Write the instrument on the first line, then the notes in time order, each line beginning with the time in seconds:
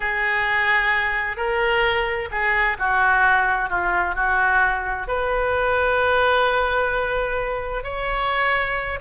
oboe
0.00 G#4
1.36 A#4
2.31 G#4
2.78 F#4
3.69 F4
4.15 F#4
5.07 B4
7.83 C#5